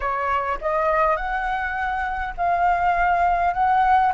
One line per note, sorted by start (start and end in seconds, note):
0.00 0.58 C#5
0.61 1.16 D#5
1.16 2.33 F#5
2.37 3.53 F5
3.53 4.12 F#5